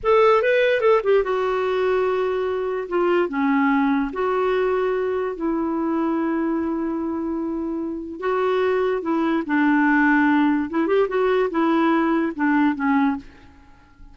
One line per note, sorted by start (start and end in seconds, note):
0.03 0.42 A4
0.42 0.80 B4
0.80 1.01 A4
1.03 1.23 G4
1.23 2.88 F#4
2.88 3.28 F4
3.28 4.11 C#4
4.12 5.36 F#4
5.36 8.19 E4
8.19 9.02 F#4
9.02 9.43 E4
9.46 10.69 D4
10.70 10.87 E4
10.87 11.07 G4
11.08 11.49 F#4
11.50 12.32 E4
12.35 12.75 D4
12.75 13.16 C#4